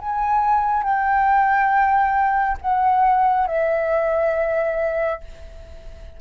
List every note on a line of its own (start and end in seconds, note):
0.00 0.84 G#5
0.84 2.58 G5
2.62 3.47 F#5
3.47 5.21 E5